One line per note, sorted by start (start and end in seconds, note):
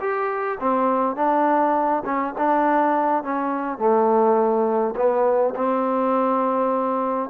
0.00 0.58 G4
0.60 1.16 C4
1.16 2.03 D4
2.05 2.34 C#4
2.38 3.23 D4
3.23 3.78 C#4
3.78 4.94 A3
4.96 5.54 B3
5.56 7.30 C4